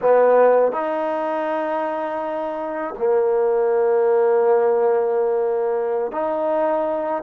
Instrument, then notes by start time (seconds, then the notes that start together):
trombone
0.01 B3
0.72 D#4
2.97 A#3
6.11 D#4